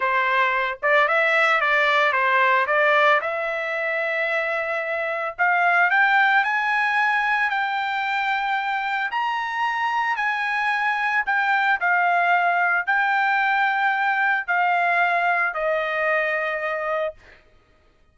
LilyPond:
\new Staff \with { instrumentName = "trumpet" } { \time 4/4 \tempo 4 = 112 c''4. d''8 e''4 d''4 | c''4 d''4 e''2~ | e''2 f''4 g''4 | gis''2 g''2~ |
g''4 ais''2 gis''4~ | gis''4 g''4 f''2 | g''2. f''4~ | f''4 dis''2. | }